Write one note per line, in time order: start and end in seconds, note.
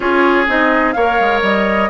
0.00 0.47 C#4
0.00 0.46 F4
0.00 0.94 G#4
0.00 0.46 C#5
0.47 0.95 C4
0.47 0.95 D#4
0.47 0.92 D#5
0.92 1.19 A#3
0.92 1.90 A#4
0.92 1.90 C#5
0.92 1.39 F5
1.19 1.42 G#3
1.42 1.89 G3
1.42 1.90 D#5